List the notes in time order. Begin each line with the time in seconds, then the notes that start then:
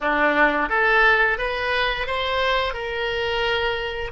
0.01 D4
0.69 A4
1.38 B4
2.06 C5
2.73 A#4